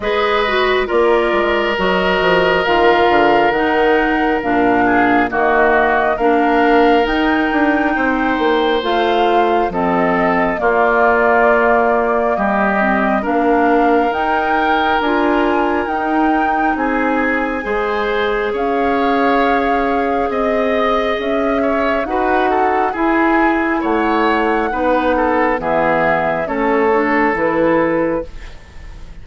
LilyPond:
<<
  \new Staff \with { instrumentName = "flute" } { \time 4/4 \tempo 4 = 68 dis''4 d''4 dis''4 f''4 | fis''4 f''4 dis''4 f''4 | g''2 f''4 dis''4 | d''2 dis''4 f''4 |
g''4 gis''4 g''4 gis''4~ | gis''4 f''2 dis''4 | e''4 fis''4 gis''4 fis''4~ | fis''4 e''4 cis''4 b'4 | }
  \new Staff \with { instrumentName = "oboe" } { \time 4/4 b'4 ais'2.~ | ais'4. gis'8 fis'4 ais'4~ | ais'4 c''2 a'4 | f'2 g'4 ais'4~ |
ais'2. gis'4 | c''4 cis''2 dis''4~ | dis''8 cis''8 b'8 a'8 gis'4 cis''4 | b'8 a'8 gis'4 a'2 | }
  \new Staff \with { instrumentName = "clarinet" } { \time 4/4 gis'8 fis'8 f'4 fis'4 f'4 | dis'4 d'4 ais4 d'4 | dis'2 f'4 c'4 | ais2~ ais8 c'8 d'4 |
dis'4 f'4 dis'2 | gis'1~ | gis'4 fis'4 e'2 | dis'4 b4 cis'8 d'8 e'4 | }
  \new Staff \with { instrumentName = "bassoon" } { \time 4/4 gis4 ais8 gis8 fis8 f8 dis8 d8 | dis4 ais,4 dis4 ais4 | dis'8 d'8 c'8 ais8 a4 f4 | ais2 g4 ais4 |
dis'4 d'4 dis'4 c'4 | gis4 cis'2 c'4 | cis'4 dis'4 e'4 a4 | b4 e4 a4 e4 | }
>>